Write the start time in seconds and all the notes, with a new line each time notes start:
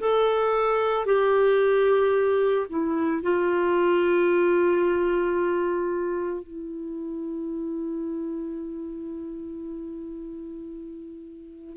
0.00 A4
1.06 G4
2.70 E4
3.23 F4
6.44 E4